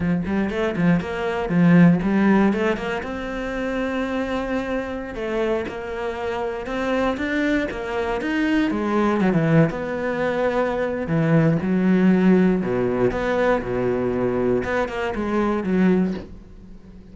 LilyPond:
\new Staff \with { instrumentName = "cello" } { \time 4/4 \tempo 4 = 119 f8 g8 a8 f8 ais4 f4 | g4 a8 ais8 c'2~ | c'2~ c'16 a4 ais8.~ | ais4~ ais16 c'4 d'4 ais8.~ |
ais16 dis'4 gis4 fis16 e8. b8.~ | b2 e4 fis4~ | fis4 b,4 b4 b,4~ | b,4 b8 ais8 gis4 fis4 | }